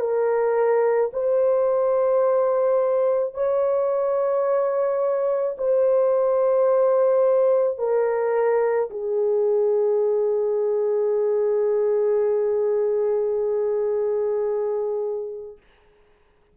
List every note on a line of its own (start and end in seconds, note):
0.00 1.11 A#4
1.13 3.34 C5
3.34 5.57 C#5
5.58 7.78 C5
7.78 8.89 A#4
8.90 15.57 G#4